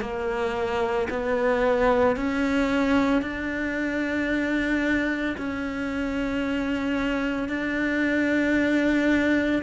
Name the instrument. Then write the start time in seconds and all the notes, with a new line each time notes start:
cello
0.00 A#3
1.09 B3
2.16 C#4
3.21 D4
5.37 C#4
7.48 D4